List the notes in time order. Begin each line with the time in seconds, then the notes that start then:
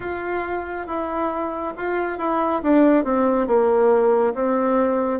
0.00 F4
0.87 E4
1.76 F4
2.17 E4
2.62 D4
3.04 C4
3.47 A#3
4.34 C4